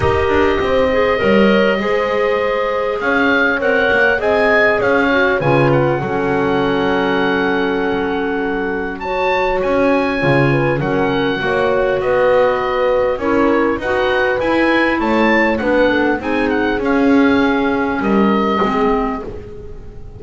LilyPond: <<
  \new Staff \with { instrumentName = "oboe" } { \time 4/4 \tempo 4 = 100 dis''1~ | dis''4 f''4 fis''4 gis''4 | f''4 gis''8 fis''2~ fis''8~ | fis''2. a''4 |
gis''2 fis''2 | dis''2 cis''4 fis''4 | gis''4 a''4 fis''4 gis''8 fis''8 | f''2 dis''2 | }
  \new Staff \with { instrumentName = "horn" } { \time 4/4 ais'4 c''4 cis''4 c''4~ | c''4 cis''2 dis''4 | cis''4 b'4 a'2~ | a'2. cis''4~ |
cis''4. b'8 ais'4 cis''4 | b'2 ais'4 b'4~ | b'4 cis''4 b'8 a'8 gis'4~ | gis'2 ais'4 gis'4 | }
  \new Staff \with { instrumentName = "clarinet" } { \time 4/4 g'4. gis'8 ais'4 gis'4~ | gis'2 ais'4 gis'4~ | gis'8 fis'8 f'4 cis'2~ | cis'2. fis'4~ |
fis'4 f'4 cis'4 fis'4~ | fis'2 e'4 fis'4 | e'2 d'4 dis'4 | cis'2. c'4 | }
  \new Staff \with { instrumentName = "double bass" } { \time 4/4 dis'8 d'8 c'4 g4 gis4~ | gis4 cis'4 c'8 ais8 c'4 | cis'4 cis4 fis2~ | fis1 |
cis'4 cis4 fis4 ais4 | b2 cis'4 dis'4 | e'4 a4 b4 c'4 | cis'2 g4 gis4 | }
>>